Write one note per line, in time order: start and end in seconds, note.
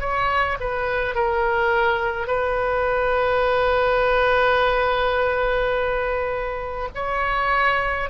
0.00 0.58 C#5
0.60 1.14 B4
1.14 2.27 A#4
2.27 6.89 B4
6.95 8.09 C#5